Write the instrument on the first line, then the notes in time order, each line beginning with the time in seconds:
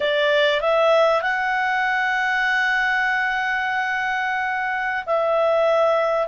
clarinet
0.00 D5
0.60 E5
1.21 F#5
5.05 E5